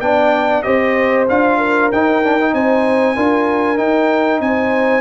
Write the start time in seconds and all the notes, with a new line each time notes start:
0.00 B3 D4 D5 G5
0.62 C4 G4 C5 D#5
1.29 D4 F4 F5
1.58 A#4
1.91 D#4 G5
2.23 D4
2.40 D#4
2.53 C4 C5 G#5
3.15 D4 F4 A#4
3.77 D#4 G5
4.40 C4 C5 G#5